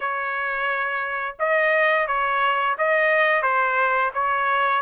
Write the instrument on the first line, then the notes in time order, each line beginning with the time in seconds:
trumpet
0.00 C#5
1.39 D#5
2.07 C#5
2.77 D#5
3.42 C5
4.13 C#5